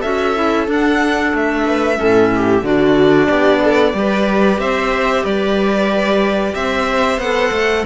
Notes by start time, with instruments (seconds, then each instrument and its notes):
0.00 cello C#4, clarinet F#4, viola A4, violin E5
0.35 clarinet E4
0.67 clarinet D4, cello D4, violin F#5
1.33 cello A3, violin E5
1.66 viola B4
1.96 cello A2, clarinet C#4, viola A4
2.36 viola G4
2.63 cello D3, clarinet D4, viola F#4, violin D5
3.28 cello B3, viola G4
3.61 viola A4
3.94 cello G3, clarinet G4, viola B4
4.58 cello C4, viola C5, violin E5
5.24 cello G3, viola B4, violin D5
6.55 cello C4, viola C5, violin E5
7.18 cello B3, clarinet A4, violin F#5
7.51 cello A3